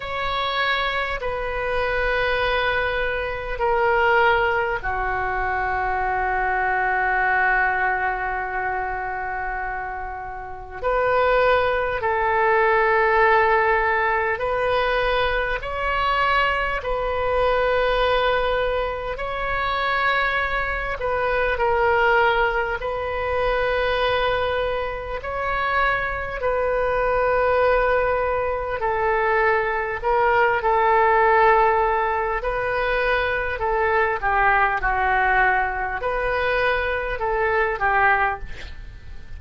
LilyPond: \new Staff \with { instrumentName = "oboe" } { \time 4/4 \tempo 4 = 50 cis''4 b'2 ais'4 | fis'1~ | fis'4 b'4 a'2 | b'4 cis''4 b'2 |
cis''4. b'8 ais'4 b'4~ | b'4 cis''4 b'2 | a'4 ais'8 a'4. b'4 | a'8 g'8 fis'4 b'4 a'8 g'8 | }